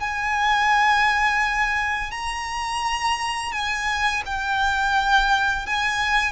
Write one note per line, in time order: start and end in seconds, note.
0.00 2.11 G#5
2.11 3.52 A#5
3.52 4.23 G#5
4.26 5.66 G5
5.66 6.32 G#5